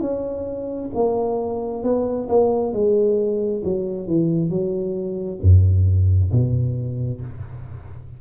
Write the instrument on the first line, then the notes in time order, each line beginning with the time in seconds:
tuba
0.00 C#4
0.94 A#3
1.83 B3
2.28 A#3
2.72 G#3
3.64 F#3
4.07 E3
4.49 F#3
5.41 F#2
6.31 B2